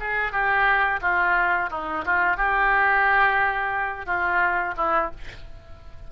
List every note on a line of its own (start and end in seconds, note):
0.00 0.32 G#4
0.32 1.00 G4
1.01 1.70 F4
1.71 2.05 D#4
2.05 2.37 F4
2.37 4.06 G4
4.06 4.74 F4
4.77 5.11 E4